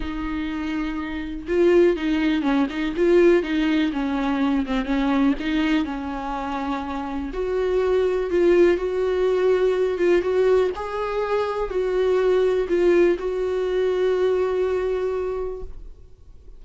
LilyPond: \new Staff \with { instrumentName = "viola" } { \time 4/4 \tempo 4 = 123 dis'2. f'4 | dis'4 cis'8 dis'8 f'4 dis'4 | cis'4. c'8 cis'4 dis'4 | cis'2. fis'4~ |
fis'4 f'4 fis'2~ | fis'8 f'8 fis'4 gis'2 | fis'2 f'4 fis'4~ | fis'1 | }